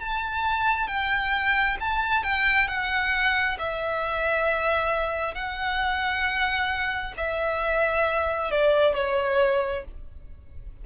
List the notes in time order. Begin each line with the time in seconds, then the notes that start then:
0.00 A5
0.87 G5
1.80 A5
2.23 G5
2.68 F#5
3.59 E5
5.34 F#5
7.17 E5
8.51 D5
8.95 C#5